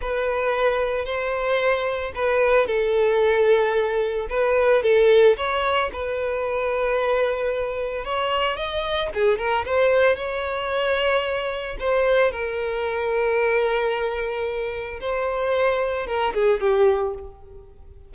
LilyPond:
\new Staff \with { instrumentName = "violin" } { \time 4/4 \tempo 4 = 112 b'2 c''2 | b'4 a'2. | b'4 a'4 cis''4 b'4~ | b'2. cis''4 |
dis''4 gis'8 ais'8 c''4 cis''4~ | cis''2 c''4 ais'4~ | ais'1 | c''2 ais'8 gis'8 g'4 | }